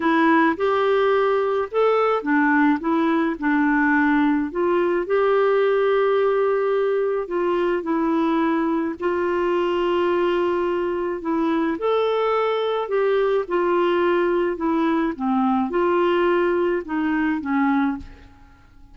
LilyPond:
\new Staff \with { instrumentName = "clarinet" } { \time 4/4 \tempo 4 = 107 e'4 g'2 a'4 | d'4 e'4 d'2 | f'4 g'2.~ | g'4 f'4 e'2 |
f'1 | e'4 a'2 g'4 | f'2 e'4 c'4 | f'2 dis'4 cis'4 | }